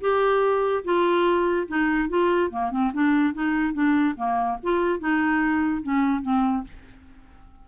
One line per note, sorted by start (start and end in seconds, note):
0.00 0.83 G4
0.84 1.67 F4
1.67 2.09 D#4
2.09 2.50 F4
2.50 2.70 A#3
2.70 2.91 C4
2.93 3.33 D4
3.33 3.73 D#4
3.73 4.14 D4
4.16 4.58 A#3
4.62 4.99 F4
4.99 5.82 D#4
5.82 6.22 C#4
6.22 6.63 C4